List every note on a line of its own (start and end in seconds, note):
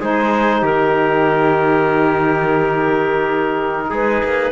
0.00 0.62 G#3
0.00 4.52 D#4
0.00 0.62 G#4
0.00 0.65 C5
0.62 3.91 D#3
0.62 3.89 G4
0.62 3.93 A#4
3.89 4.23 G#3
3.89 4.52 G#4
3.89 4.52 B4
4.24 4.52 A#3